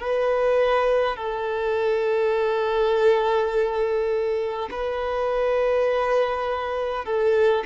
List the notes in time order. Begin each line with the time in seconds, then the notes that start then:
0.00 B4
1.17 A4
4.71 B4
7.05 A4